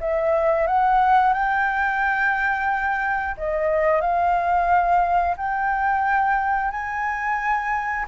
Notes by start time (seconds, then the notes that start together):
0.00 E5
0.67 F#5
1.33 G5
3.37 D#5
4.01 F5
5.37 G5
6.71 G#5